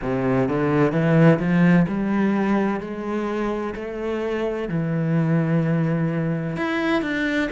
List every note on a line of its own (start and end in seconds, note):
0.02 0.48 C3
0.48 0.92 D3
0.92 1.38 E3
1.38 1.85 F3
1.87 2.80 G3
2.80 3.74 G#3
3.75 4.69 A3
4.69 6.56 E3
6.56 7.02 E4
7.02 7.49 D4